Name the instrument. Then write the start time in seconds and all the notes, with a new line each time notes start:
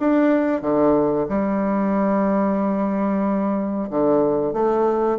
bassoon
0.00 D4
0.62 D3
1.29 G3
3.90 D3
4.53 A3